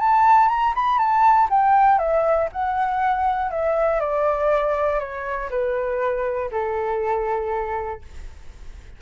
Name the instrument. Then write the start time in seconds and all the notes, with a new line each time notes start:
flute
0.00 A5
0.49 A#5
0.75 B5
0.99 A5
1.50 G5
1.99 E5
2.52 F#5
3.51 E5
4.01 D5
5.00 C#5
5.50 B4
6.52 A4